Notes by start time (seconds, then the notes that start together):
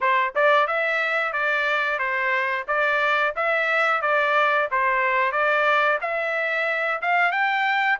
0.00 C5
0.35 D5
0.67 E5
1.32 D5
1.98 C5
2.67 D5
3.35 E5
4.01 D5
4.71 C5
5.32 D5
6.01 E5
7.01 F5
7.31 G5